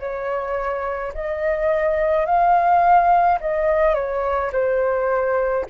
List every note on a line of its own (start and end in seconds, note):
0.00 1.13 C#5
1.14 2.26 D#5
2.26 3.39 F5
3.41 3.95 D#5
3.95 4.51 C#5
4.53 5.66 C5